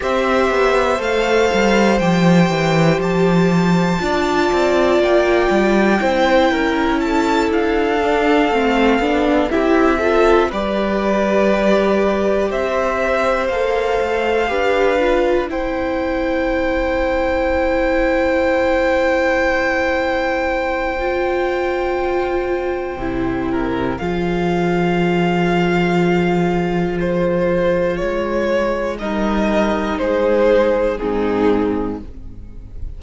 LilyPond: <<
  \new Staff \with { instrumentName = "violin" } { \time 4/4 \tempo 4 = 60 e''4 f''4 g''4 a''4~ | a''4 g''2 a''8 f''8~ | f''4. e''4 d''4.~ | d''8 e''4 f''2 g''8~ |
g''1~ | g''1 | f''2. c''4 | cis''4 dis''4 c''4 gis'4 | }
  \new Staff \with { instrumentName = "violin" } { \time 4/4 c''1 | d''2 c''8 ais'8 a'4~ | a'4. g'8 a'8 b'4.~ | b'8 c''2 b'4 c''8~ |
c''1~ | c''2.~ c''8 ais'8 | gis'1~ | gis'4 ais'4 gis'4 dis'4 | }
  \new Staff \with { instrumentName = "viola" } { \time 4/4 g'4 a'4 g'2 | f'2 e'2 | d'8 c'8 d'8 e'8 f'8 g'4.~ | g'4. a'4 g'8 f'8 e'8~ |
e'1~ | e'4 f'2 e'4 | f'1~ | f'4 dis'2 c'4 | }
  \new Staff \with { instrumentName = "cello" } { \time 4/4 c'8 b8 a8 g8 f8 e8 f4 | d'8 c'8 ais8 g8 c'8 cis'4 d'8~ | d'8 a8 b8 c'4 g4.~ | g8 c'4 ais8 a8 d'4 c'8~ |
c'1~ | c'2. c4 | f1 | gis4 g4 gis4 gis,4 | }
>>